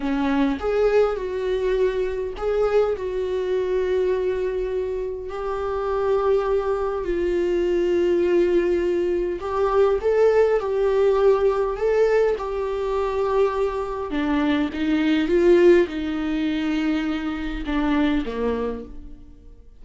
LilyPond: \new Staff \with { instrumentName = "viola" } { \time 4/4 \tempo 4 = 102 cis'4 gis'4 fis'2 | gis'4 fis'2.~ | fis'4 g'2. | f'1 |
g'4 a'4 g'2 | a'4 g'2. | d'4 dis'4 f'4 dis'4~ | dis'2 d'4 ais4 | }